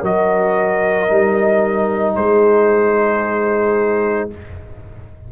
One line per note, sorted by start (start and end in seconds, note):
0.00 1.10 F#3
0.00 1.08 F#4
0.00 2.14 A#4
0.00 2.15 D#5
1.08 2.16 G3
1.08 4.30 D#4
2.15 4.30 G#3
2.15 4.32 G#4
2.15 4.29 C5